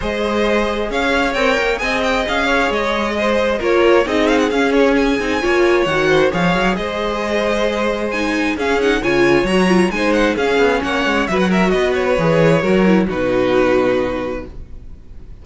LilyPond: <<
  \new Staff \with { instrumentName = "violin" } { \time 4/4 \tempo 4 = 133 dis''2 f''4 g''4 | gis''8 g''8 f''4 dis''2 | cis''4 dis''8 f''16 fis''16 f''8 cis''8 gis''4~ | gis''4 fis''4 f''4 dis''4~ |
dis''2 gis''4 f''8 fis''8 | gis''4 ais''4 gis''8 fis''8 f''4 | fis''4 e''16 fis''16 e''8 dis''8 cis''4.~ | cis''4 b'2. | }
  \new Staff \with { instrumentName = "violin" } { \time 4/4 c''2 cis''2 | dis''4. cis''4. c''4 | ais'4 gis'2. | cis''4. c''8 cis''4 c''4~ |
c''2. gis'4 | cis''2 c''4 gis'4 | cis''4 b'8 ais'8 b'2 | ais'4 fis'2. | }
  \new Staff \with { instrumentName = "viola" } { \time 4/4 gis'2. ais'4 | gis'1 | f'4 dis'4 cis'4. dis'8 | f'4 fis'4 gis'2~ |
gis'2 dis'4 cis'8 dis'8 | f'4 fis'8 f'8 dis'4 cis'4~ | cis'4 fis'2 gis'4 | fis'8 e'8 dis'2. | }
  \new Staff \with { instrumentName = "cello" } { \time 4/4 gis2 cis'4 c'8 ais8 | c'4 cis'4 gis2 | ais4 c'4 cis'4. c'8 | ais4 dis4 f8 fis8 gis4~ |
gis2. cis'4 | cis4 fis4 gis4 cis'8 b8 | ais8 gis8 fis4 b4 e4 | fis4 b,2. | }
>>